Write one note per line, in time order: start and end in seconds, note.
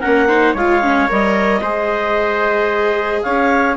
0.00 0.54 A#3
0.00 0.29 C#4
0.00 0.27 A#4
0.00 0.54 F#5
0.28 0.55 D#4
0.28 0.53 C5
0.53 1.08 G#3
0.53 0.83 F4
0.53 1.60 C#5
0.53 1.10 F5
0.83 1.08 C#4
1.08 1.62 G3
1.08 1.62 A#4
1.08 3.22 D#5
1.61 3.22 G#3
1.61 3.76 G#4
1.61 3.22 C5
3.22 3.76 C#4
3.22 3.76 C#5
3.22 3.76 F5